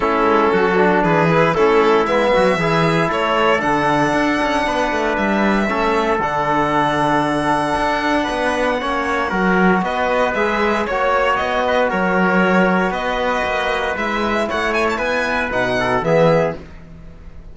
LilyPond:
<<
  \new Staff \with { instrumentName = "violin" } { \time 4/4 \tempo 4 = 116 a'2 b'4 a'4 | e''2 cis''4 fis''4~ | fis''2 e''2 | fis''1~ |
fis''2. dis''4 | e''4 cis''4 dis''4 cis''4~ | cis''4 dis''2 e''4 | fis''8 gis''16 a''16 gis''4 fis''4 e''4 | }
  \new Staff \with { instrumentName = "trumpet" } { \time 4/4 e'4 fis'4 gis'4 e'4~ | e'8 fis'8 gis'4 a'2~ | a'4 b'2 a'4~ | a'1 |
b'4 cis''4 ais'4 b'4~ | b'4 cis''4. b'8 ais'4~ | ais'4 b'2. | cis''4 b'4. a'8 gis'4 | }
  \new Staff \with { instrumentName = "trombone" } { \time 4/4 cis'4. d'4 e'8 cis'4 | b4 e'2 d'4~ | d'2. cis'4 | d'1~ |
d'4 cis'4 fis'2 | gis'4 fis'2.~ | fis'2. e'4~ | e'2 dis'4 b4 | }
  \new Staff \with { instrumentName = "cello" } { \time 4/4 a8 gis8 fis4 e4 a4 | gis8 fis8 e4 a4 d4 | d'8 cis'8 b8 a8 g4 a4 | d2. d'4 |
b4 ais4 fis4 b4 | gis4 ais4 b4 fis4~ | fis4 b4 ais4 gis4 | a4 b4 b,4 e4 | }
>>